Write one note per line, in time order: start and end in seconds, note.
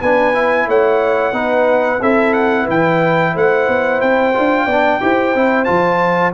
0.00 0.67 B3
0.00 0.34 D4
0.00 0.67 B4
0.00 0.69 G#5
0.34 1.33 E4
0.67 1.33 A3
0.67 1.34 C#5
0.67 2.03 F#5
1.33 1.99 B3
1.33 2.00 D#4
1.33 2.01 B4
2.01 2.68 C4
2.01 4.34 E4
2.01 2.63 A4
2.01 2.33 E5
2.33 2.67 F#5
2.63 3.35 E3
2.63 3.30 B4
2.70 3.37 G5
3.34 3.68 A3
3.34 4.65 C5
3.34 4.01 F#5
3.68 4.01 B3
4.01 4.35 C4
4.01 5.65 G5
4.34 4.67 D4
4.34 4.68 F4
4.65 5.00 B3
4.65 5.01 D4
4.65 4.99 D5
5.01 5.35 E4
5.01 5.34 G4
5.01 6.34 C5
5.35 5.68 C4
5.35 5.65 E4
5.65 6.34 F3
5.65 6.32 F4
5.65 6.31 A5